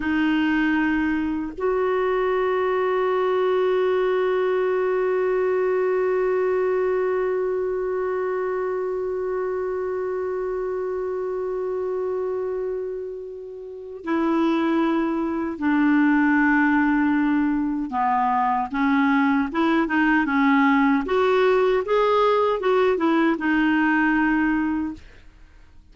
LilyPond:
\new Staff \with { instrumentName = "clarinet" } { \time 4/4 \tempo 4 = 77 dis'2 fis'2~ | fis'1~ | fis'1~ | fis'1~ |
fis'2 e'2 | d'2. b4 | cis'4 e'8 dis'8 cis'4 fis'4 | gis'4 fis'8 e'8 dis'2 | }